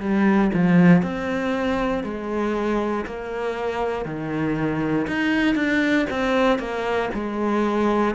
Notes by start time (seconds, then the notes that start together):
0.00 G3
0.53 F3
1.02 C4
2.03 G#3
3.06 A#3
4.05 D#3
5.07 D#4
5.55 D4
6.10 C4
6.59 A#3
7.14 G#3